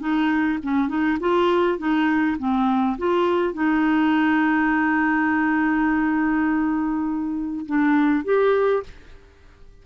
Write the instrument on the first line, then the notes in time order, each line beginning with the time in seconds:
clarinet
0.00 D#4
0.63 C#4
0.89 D#4
1.20 F4
1.79 D#4
2.39 C4
2.98 F4
3.54 D#4
7.66 D4
8.24 G4